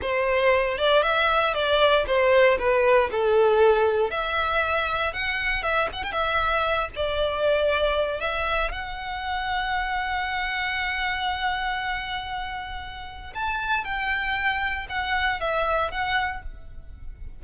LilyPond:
\new Staff \with { instrumentName = "violin" } { \time 4/4 \tempo 4 = 117 c''4. d''8 e''4 d''4 | c''4 b'4 a'2 | e''2 fis''4 e''8 fis''16 g''16 | e''4. d''2~ d''8 |
e''4 fis''2.~ | fis''1~ | fis''2 a''4 g''4~ | g''4 fis''4 e''4 fis''4 | }